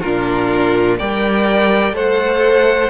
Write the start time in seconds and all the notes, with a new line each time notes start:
0.00 A#2 D4 F4 A#4
0.98 G3 A#4 D5 G5
1.92 A3 A4 C5 F#5